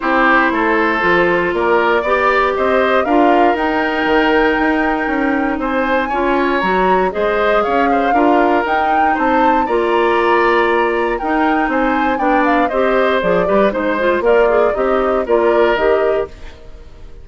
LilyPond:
<<
  \new Staff \with { instrumentName = "flute" } { \time 4/4 \tempo 4 = 118 c''2. d''4~ | d''4 dis''4 f''4 g''4~ | g''2. gis''4~ | gis''4 ais''4 dis''4 f''4~ |
f''4 g''4 a''4 ais''4~ | ais''2 g''4 gis''4 | g''8 f''8 dis''4 d''4 c''4 | d''4 dis''4 d''4 dis''4 | }
  \new Staff \with { instrumentName = "oboe" } { \time 4/4 g'4 a'2 ais'4 | d''4 c''4 ais'2~ | ais'2. c''4 | cis''2 c''4 cis''8 c''8 |
ais'2 c''4 d''4~ | d''2 ais'4 c''4 | d''4 c''4. b'8 c''4 | f'4 dis'4 ais'2 | }
  \new Staff \with { instrumentName = "clarinet" } { \time 4/4 e'2 f'2 | g'2 f'4 dis'4~ | dis'1 | f'4 fis'4 gis'2 |
f'4 dis'2 f'4~ | f'2 dis'2 | d'4 g'4 gis'8 g'8 dis'8 f'8 | ais'8 gis'8 g'4 f'4 g'4 | }
  \new Staff \with { instrumentName = "bassoon" } { \time 4/4 c'4 a4 f4 ais4 | b4 c'4 d'4 dis'4 | dis4 dis'4 cis'4 c'4 | cis'4 fis4 gis4 cis'4 |
d'4 dis'4 c'4 ais4~ | ais2 dis'4 c'4 | b4 c'4 f8 g8 gis4 | ais4 c'4 ais4 dis4 | }
>>